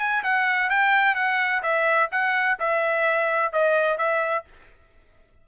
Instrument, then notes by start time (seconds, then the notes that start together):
trumpet
0.00 G#5
0.24 F#5
0.70 G5
1.15 F#5
1.63 E5
2.12 F#5
2.60 E5
3.53 D#5
3.98 E5